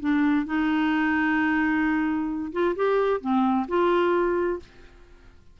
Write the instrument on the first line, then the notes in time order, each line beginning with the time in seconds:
clarinet
0.00 D4
0.46 D#4
2.52 F4
2.76 G4
3.21 C4
3.68 F4